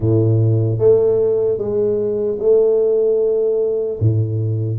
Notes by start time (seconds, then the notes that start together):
0.00 A2
0.78 A3
1.58 G#3
2.39 A3
3.99 A2